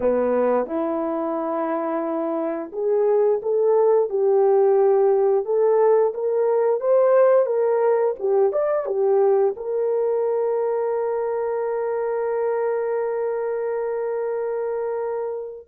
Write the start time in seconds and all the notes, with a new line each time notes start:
0.00 B3
0.66 E4
2.72 G#4
3.42 A4
4.09 G4
5.45 A4
6.14 A#4
6.80 C5
7.46 A#4
8.18 G4
8.52 D5
8.86 G4
9.56 A#4